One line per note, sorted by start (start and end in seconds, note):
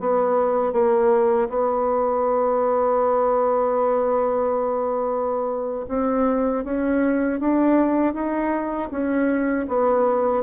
0.00 0.73 B3
0.73 1.49 A#3
1.49 5.86 B3
5.88 6.64 C4
6.64 7.40 C#4
7.40 8.14 D4
8.14 8.90 D#4
8.91 9.67 C#4
9.69 10.44 B3